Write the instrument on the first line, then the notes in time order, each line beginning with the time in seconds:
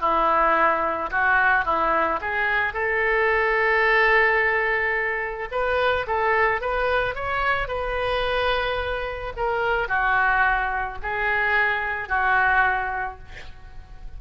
oboe
0.00 E4
1.10 F#4
1.65 E4
2.21 G#4
2.73 A4
5.51 B4
6.07 A4
6.61 B4
7.15 C#5
7.68 B4
9.37 A#4
9.88 F#4
11.02 G#4
12.08 F#4